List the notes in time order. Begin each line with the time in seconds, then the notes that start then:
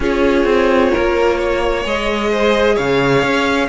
0.00 C#4 F4 G#4 C#5
0.44 C4
0.92 A#3 A#4
1.37 C#5
1.83 G#3 G#4 D#5
2.31 C5
2.74 C#3 C#5 F5
3.22 C#4